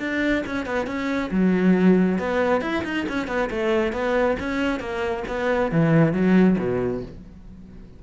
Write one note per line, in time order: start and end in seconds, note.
0.00 0.44 D4
0.47 0.66 C#4
0.66 0.87 B3
0.87 1.31 C#4
1.31 2.19 F#3
2.19 2.62 B3
2.62 2.84 E4
2.85 3.07 D#4
3.09 3.28 C#4
3.28 3.50 B3
3.51 3.93 A3
3.93 4.37 B3
4.40 4.80 C#4
4.80 5.24 A#3
5.28 5.72 B3
5.72 6.13 E3
6.13 6.57 F#3
6.59 7.03 B2